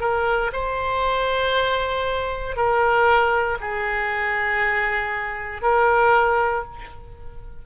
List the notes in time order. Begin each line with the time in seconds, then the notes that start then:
0.00 A#4
0.52 C5
2.56 A#4
3.60 G#4
5.62 A#4